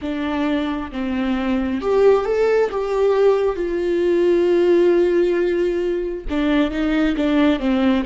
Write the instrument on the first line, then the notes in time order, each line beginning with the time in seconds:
viola
0.01 D4
0.91 C4
1.81 G4
2.25 A4
2.71 G4
3.56 F4
6.29 D4
6.70 D#4
7.16 D4
7.59 C4